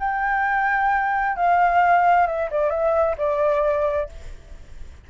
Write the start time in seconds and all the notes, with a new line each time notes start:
0.00 G5
1.36 F5
2.27 E5
2.51 D5
2.70 E5
3.18 D5